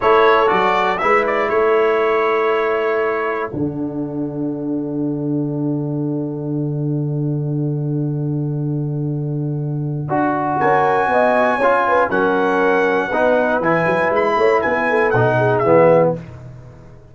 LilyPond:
<<
  \new Staff \with { instrumentName = "trumpet" } { \time 4/4 \tempo 4 = 119 cis''4 d''4 e''8 d''8 cis''4~ | cis''2. fis''4~ | fis''1~ | fis''1~ |
fis''1~ | fis''4 gis''2. | fis''2. gis''4 | b''4 gis''4 fis''4 e''4 | }
  \new Staff \with { instrumentName = "horn" } { \time 4/4 a'2 b'4 a'4~ | a'1~ | a'1~ | a'1~ |
a'1~ | a'4 ais'4 dis''4 cis''8 b'8 | ais'2 b'2~ | b'8 cis''8 b'8 a'4 gis'4. | }
  \new Staff \with { instrumentName = "trombone" } { \time 4/4 e'4 fis'4 e'2~ | e'2. d'4~ | d'1~ | d'1~ |
d'1 | fis'2. f'4 | cis'2 dis'4 e'4~ | e'2 dis'4 b4 | }
  \new Staff \with { instrumentName = "tuba" } { \time 4/4 a4 fis4 gis4 a4~ | a2. d4~ | d1~ | d1~ |
d1 | d'4 cis'4 b4 cis'4 | fis2 b4 e8 fis8 | gis8 a8 b4 b,4 e4 | }
>>